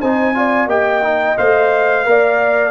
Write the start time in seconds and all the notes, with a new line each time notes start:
0.00 C4 D#4 C5 G#5
0.35 F4 D5
0.67 A#3 G4 D#5 G5
1.03 D#4
1.38 A3 C5 F5
2.06 A#3 A#4 D5